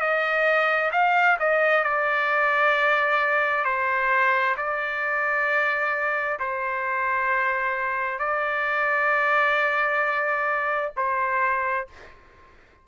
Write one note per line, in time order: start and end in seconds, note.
0.00 0.91 D#5
0.92 1.37 F5
1.39 1.83 D#5
1.83 3.64 D5
3.64 4.55 C5
4.57 6.38 D5
6.39 8.19 C5
8.19 10.92 D5
10.96 11.87 C5